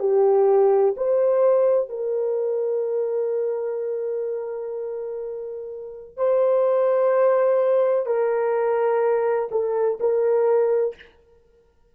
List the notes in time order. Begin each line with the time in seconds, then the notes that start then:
0.00 G4
0.97 C5
1.90 A#4
6.17 C5
8.06 A#4
9.52 A4
10.00 A#4